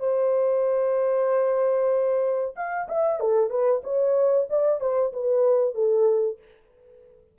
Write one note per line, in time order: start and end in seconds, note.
0.00 2.55 C5
2.56 2.88 F5
2.89 3.21 E5
3.21 3.50 A4
3.50 3.82 B4
3.84 4.48 C#5
4.50 4.81 D5
4.81 5.13 C5
5.13 5.75 B4
5.75 6.39 A4